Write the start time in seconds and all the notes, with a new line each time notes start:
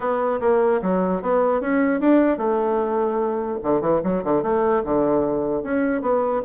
0.00 B3
0.40 A#3
0.82 F#3
1.22 B3
1.61 C#4
2.00 D4
2.37 A3
3.63 D3
3.81 E3
4.03 F#3
4.24 D3
4.42 A3
4.84 D3
5.63 C#4
6.01 B3